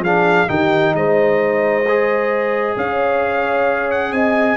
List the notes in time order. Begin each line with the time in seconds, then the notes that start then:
0.00 F3 D4 G#4 F5
0.48 D#3 D#4 G4 G5
0.94 G#3 C5 D#5
1.89 G#4
2.77 C#4 C#5 F5
3.91 F#5
4.12 C4 D#5 G#5